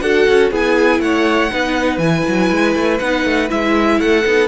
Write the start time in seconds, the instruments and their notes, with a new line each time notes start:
0.00 cello D4, viola F#4, violin A4 F#5
0.28 cello C#4
0.51 cello B3, viola E4, violin G#4 G#5
0.99 cello A3, violin C#5 F#5
1.50 cello B3, viola D#4, violin B4
1.97 cello E3, viola E4, violin G#5
2.27 cello F#3
2.50 cello G#3
2.74 cello A3
2.98 cello B3, viola D#4, violin F#5
3.24 cello A3
3.48 cello G#3, viola E4, violin E5
3.99 cello A3, violin A4 F#5
4.25 cello B3, viola D#4